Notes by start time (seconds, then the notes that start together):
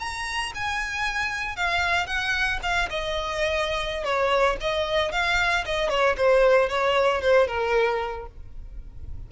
0.00 A#5
0.55 G#5
1.56 F5
2.07 F#5
2.63 F5
2.90 D#5
4.04 C#5
4.61 D#5
5.12 F5
5.66 D#5
5.89 C#5
6.17 C5
6.69 C#5
7.21 C5
7.48 A#4